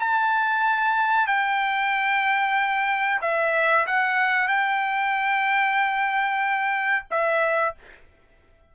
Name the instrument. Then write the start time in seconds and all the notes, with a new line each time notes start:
trumpet
0.00 A5
1.28 G5
3.22 E5
3.87 F#5
4.48 G5
7.11 E5